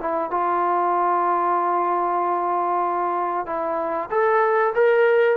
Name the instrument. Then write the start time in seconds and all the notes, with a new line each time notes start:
trombone
0.00 E4
0.31 F4
3.46 E4
4.10 A4
4.75 A#4